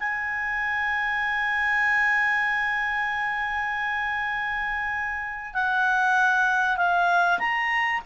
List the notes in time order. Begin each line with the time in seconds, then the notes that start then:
0.00 G#5
5.54 F#5
6.77 F5
7.39 A#5